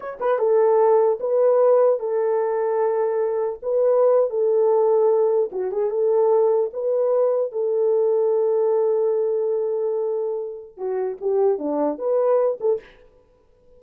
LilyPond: \new Staff \with { instrumentName = "horn" } { \time 4/4 \tempo 4 = 150 cis''8 b'8 a'2 b'4~ | b'4 a'2.~ | a'4 b'4.~ b'16 a'4~ a'16~ | a'4.~ a'16 fis'8 gis'8 a'4~ a'16~ |
a'8. b'2 a'4~ a'16~ | a'1~ | a'2. fis'4 | g'4 d'4 b'4. a'8 | }